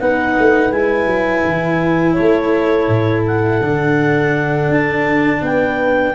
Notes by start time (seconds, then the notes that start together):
0.00 B3 D#4 B4 F#5
0.39 A3
0.71 G#3 E4 G#5
1.06 F#3
1.45 E3
2.14 A3 A4 C#5
2.88 A2
3.27 F#5
3.61 D3 D4
4.69 D4 A5
5.42 B3 B4 G5